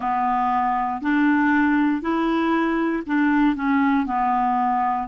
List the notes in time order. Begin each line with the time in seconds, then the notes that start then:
0.00 B3
1.01 D4
2.01 E4
3.06 D4
3.55 C#4
4.06 B3